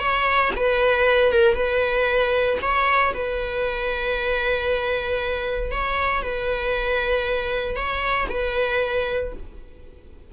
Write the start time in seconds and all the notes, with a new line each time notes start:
0.00 C#5
0.56 B4
1.33 A#4
1.55 B4
2.62 C#5
3.14 B4
5.72 C#5
6.23 B4
7.76 C#5
8.30 B4